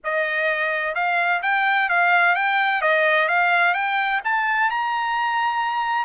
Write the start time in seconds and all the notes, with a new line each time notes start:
0.03 D#5
0.94 F5
1.42 G5
1.89 F5
2.35 G5
2.81 D#5
3.28 F5
3.74 G5
4.24 A5
4.70 A#5